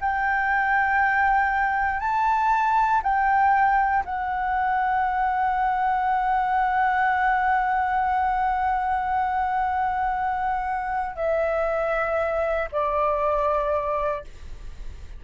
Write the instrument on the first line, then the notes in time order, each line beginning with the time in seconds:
flute
0.00 G5
2.00 A5
3.02 G5
4.04 F#5
11.16 E5
12.71 D5